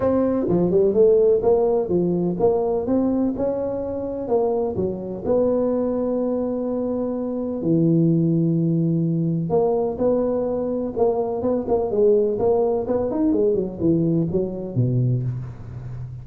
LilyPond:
\new Staff \with { instrumentName = "tuba" } { \time 4/4 \tempo 4 = 126 c'4 f8 g8 a4 ais4 | f4 ais4 c'4 cis'4~ | cis'4 ais4 fis4 b4~ | b1 |
e1 | ais4 b2 ais4 | b8 ais8 gis4 ais4 b8 dis'8 | gis8 fis8 e4 fis4 b,4 | }